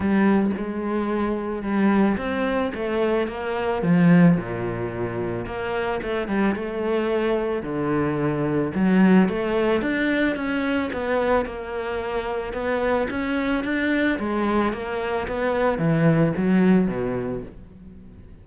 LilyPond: \new Staff \with { instrumentName = "cello" } { \time 4/4 \tempo 4 = 110 g4 gis2 g4 | c'4 a4 ais4 f4 | ais,2 ais4 a8 g8 | a2 d2 |
fis4 a4 d'4 cis'4 | b4 ais2 b4 | cis'4 d'4 gis4 ais4 | b4 e4 fis4 b,4 | }